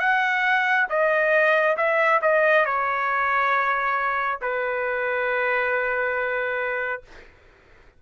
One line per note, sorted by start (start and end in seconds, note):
0.00 0.87 F#5
0.89 1.76 D#5
1.77 2.20 E5
2.22 2.66 D#5
2.66 4.40 C#5
4.42 7.02 B4